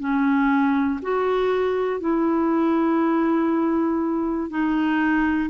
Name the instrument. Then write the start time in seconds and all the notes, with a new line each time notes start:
clarinet
0.00 C#4
1.02 F#4
2.00 E4
4.50 D#4